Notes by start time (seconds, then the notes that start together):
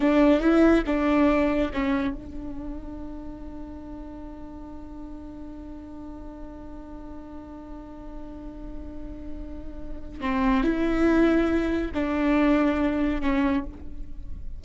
0.00 D4
0.40 E4
0.86 D4
1.73 C#4
2.14 D4
10.21 C4
10.63 E4
11.94 D4
13.21 C#4